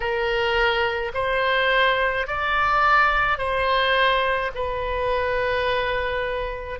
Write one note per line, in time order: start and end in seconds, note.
0.00 1.12 A#4
1.13 2.26 C5
2.27 3.38 D5
3.38 4.51 C5
4.54 6.79 B4